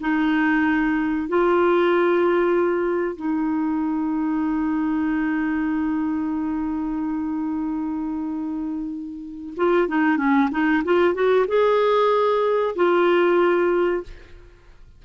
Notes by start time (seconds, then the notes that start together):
0.00 D#4
1.28 F4
3.15 D#4
9.56 F4
9.88 D#4
10.17 C#4
10.51 D#4
10.84 F4
11.14 F#4
11.47 G#4
12.75 F4